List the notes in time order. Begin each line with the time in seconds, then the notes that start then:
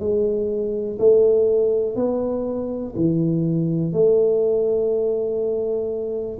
0.00 G#3
0.99 A3
1.96 B3
2.96 E3
3.93 A3